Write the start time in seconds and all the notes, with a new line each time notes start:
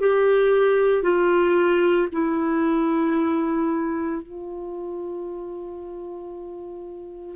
0.00 G4
1.03 F4
2.12 E4
4.22 F4